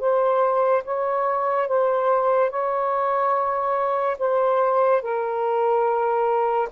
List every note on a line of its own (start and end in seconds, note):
0.00 0.83 C5
0.85 1.68 C#5
1.68 2.51 C5
2.51 4.17 C#5
4.19 5.02 C5
5.02 6.69 A#4